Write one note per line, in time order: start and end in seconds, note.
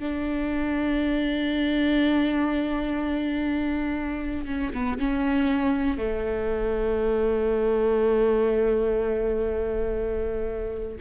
0.00 4.46 D4
4.46 4.71 C#4
4.74 4.99 B3
4.99 5.98 C#4
5.98 10.98 A3